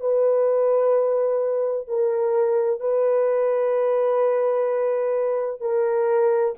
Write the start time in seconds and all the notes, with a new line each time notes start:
0.00 B4
1.87 A#4
2.80 B4
5.60 A#4